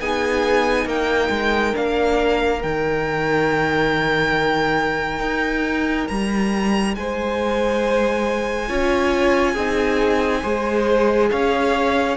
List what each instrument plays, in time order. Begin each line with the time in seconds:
0.00 cello B3, viola D#4, violin G#4 G#5
0.86 cello A#3, violin A#4 G5
1.30 cello G#3
1.74 cello A#3, viola D4, violin F5
2.60 cello D#3, viola D#4, violin G5
5.20 cello D#4
6.08 cello G3, violin A#5
6.95 cello G#3, violin C5 G#5
8.68 cello C#4, viola F4, violin C#5
9.53 cello C4, viola D#4, violin G#4
10.42 cello G#3, viola G#4, violin C5
11.31 cello C#4, violin C#5 F5